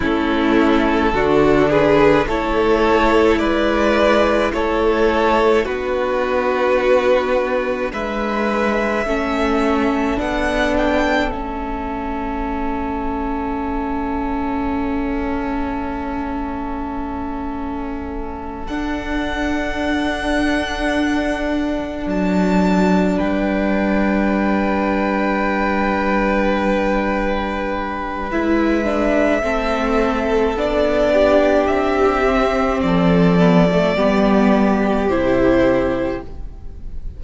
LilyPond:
<<
  \new Staff \with { instrumentName = "violin" } { \time 4/4 \tempo 4 = 53 a'4. b'8 cis''4 d''4 | cis''4 b'2 e''4~ | e''4 fis''8 g''8 e''2~ | e''1~ |
e''8 fis''2. a''8~ | a''8 g''2.~ g''8~ | g''4 e''2 d''4 | e''4 d''2 c''4 | }
  \new Staff \with { instrumentName = "violin" } { \time 4/4 e'4 fis'8 gis'8 a'4 b'4 | a'4 fis'2 b'4 | a'1~ | a'1~ |
a'1~ | a'8 b'2.~ b'8~ | b'2 a'4. g'8~ | g'4 a'4 g'2 | }
  \new Staff \with { instrumentName = "viola" } { \time 4/4 cis'4 d'4 e'2~ | e'4 d'2. | cis'4 d'4 cis'2~ | cis'1~ |
cis'8 d'2.~ d'8~ | d'1~ | d'4 e'8 d'8 c'4 d'4~ | d'8 c'4 b16 a16 b4 e'4 | }
  \new Staff \with { instrumentName = "cello" } { \time 4/4 a4 d4 a4 gis4 | a4 b2 gis4 | a4 b4 a2~ | a1~ |
a8 d'2. fis8~ | fis8 g2.~ g8~ | g4 gis4 a4 b4 | c'4 f4 g4 c4 | }
>>